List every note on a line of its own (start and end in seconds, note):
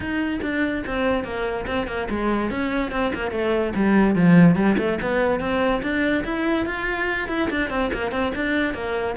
0.00 0.40 D#4
0.41 0.83 D4
0.86 1.23 C4
1.23 1.65 A#3
1.67 1.87 C4
1.87 2.08 A#3
2.09 2.50 G#3
2.50 2.91 C#4
2.91 3.12 C4
3.14 3.31 A#3
3.31 3.73 A3
3.75 4.15 G3
4.15 4.55 F3
4.55 4.76 G3
4.77 4.98 A3
5.01 5.40 B3
5.40 5.81 C4
5.82 6.23 D4
6.24 6.66 E4
6.66 7.28 F4
7.28 7.49 E4
7.50 7.70 D4
7.70 7.91 C4
7.93 8.11 A#3
8.11 8.32 C4
8.35 8.74 D4
8.74 9.15 A#3